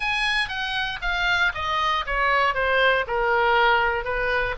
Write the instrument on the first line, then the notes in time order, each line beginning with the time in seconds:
oboe
0.00 G#5
0.48 F#5
1.01 F5
1.54 D#5
2.06 C#5
2.54 C5
3.07 A#4
4.04 B4